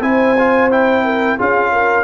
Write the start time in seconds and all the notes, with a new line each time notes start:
0.00 C4 E4 C5 G#5
0.38 F4
0.71 E4 G5
1.05 A#4
1.37 C#4 F4 G#4 F5
1.72 A#4